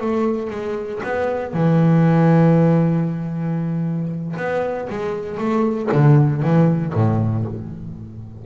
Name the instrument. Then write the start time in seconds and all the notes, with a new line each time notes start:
double bass
0.00 A3
0.50 G#3
1.03 B3
1.53 E3
4.36 B3
4.90 G#3
5.38 A3
5.92 D3
6.42 E3
6.94 A2